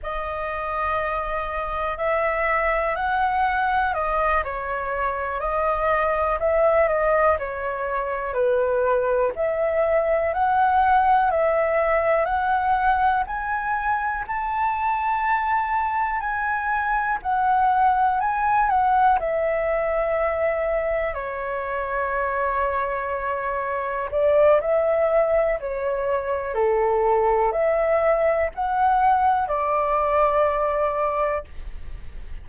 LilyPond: \new Staff \with { instrumentName = "flute" } { \time 4/4 \tempo 4 = 61 dis''2 e''4 fis''4 | dis''8 cis''4 dis''4 e''8 dis''8 cis''8~ | cis''8 b'4 e''4 fis''4 e''8~ | e''8 fis''4 gis''4 a''4.~ |
a''8 gis''4 fis''4 gis''8 fis''8 e''8~ | e''4. cis''2~ cis''8~ | cis''8 d''8 e''4 cis''4 a'4 | e''4 fis''4 d''2 | }